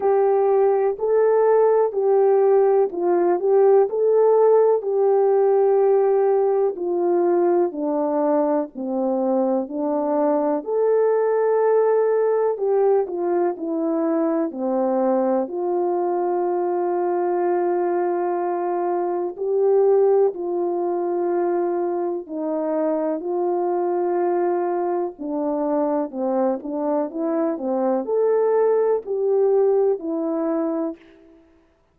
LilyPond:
\new Staff \with { instrumentName = "horn" } { \time 4/4 \tempo 4 = 62 g'4 a'4 g'4 f'8 g'8 | a'4 g'2 f'4 | d'4 c'4 d'4 a'4~ | a'4 g'8 f'8 e'4 c'4 |
f'1 | g'4 f'2 dis'4 | f'2 d'4 c'8 d'8 | e'8 c'8 a'4 g'4 e'4 | }